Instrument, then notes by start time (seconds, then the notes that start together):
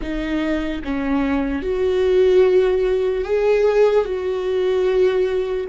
viola
0.01 D#4
0.84 C#4
1.62 F#4
3.24 G#4
4.04 F#4